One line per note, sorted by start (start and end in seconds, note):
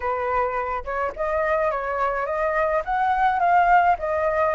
0.00 0.84 B4
0.84 1.12 C#5
1.16 1.71 D#5
1.71 2.26 C#5
2.26 2.82 D#5
2.84 3.39 F#5
3.39 3.96 F5
3.98 4.55 D#5